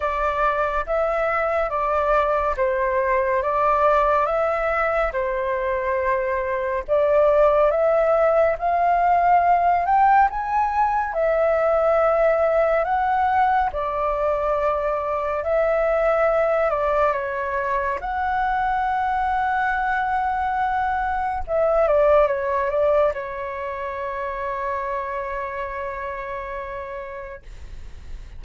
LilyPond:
\new Staff \with { instrumentName = "flute" } { \time 4/4 \tempo 4 = 70 d''4 e''4 d''4 c''4 | d''4 e''4 c''2 | d''4 e''4 f''4. g''8 | gis''4 e''2 fis''4 |
d''2 e''4. d''8 | cis''4 fis''2.~ | fis''4 e''8 d''8 cis''8 d''8 cis''4~ | cis''1 | }